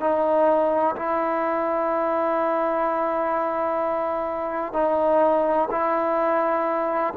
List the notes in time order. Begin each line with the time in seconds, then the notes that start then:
0.00 D#4
0.96 E4
4.73 D#4
5.71 E4